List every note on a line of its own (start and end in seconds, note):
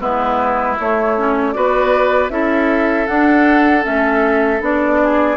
0.00 0.77 G#3
0.00 0.77 B3
0.00 1.55 E4
0.00 0.77 B4
0.80 1.17 A3
0.80 1.56 A3
0.80 1.53 C#5
1.17 1.54 C#4
1.53 2.30 B3
1.53 2.30 F#4
1.53 2.33 B4
1.53 2.29 D5
2.30 3.07 C#4
2.30 3.07 E4
2.30 5.02 A4
2.30 3.07 E5
3.07 3.86 D4
3.07 3.83 D4
3.07 3.84 F#5
3.83 4.61 A3
3.83 4.60 C#4
3.83 4.62 E5
4.61 5.38 B3
4.61 5.38 D4
4.61 5.38 D5
5.03 5.38 G#4